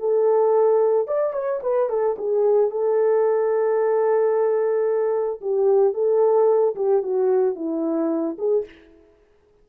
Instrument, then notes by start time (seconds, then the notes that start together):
horn
0.00 A4
1.08 D5
1.33 C#5
1.63 B4
1.90 A4
2.18 G#4
2.71 A4
5.42 G4
5.94 A4
6.76 G4
7.03 F#4
7.56 E4
8.39 G#4